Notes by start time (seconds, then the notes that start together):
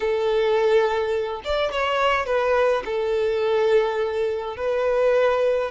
0.00 A4
1.44 D5
1.71 C#5
2.25 B4
2.85 A4
4.57 B4